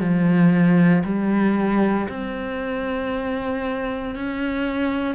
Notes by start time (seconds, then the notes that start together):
0.00 F3
1.05 G3
2.09 C4
4.15 C#4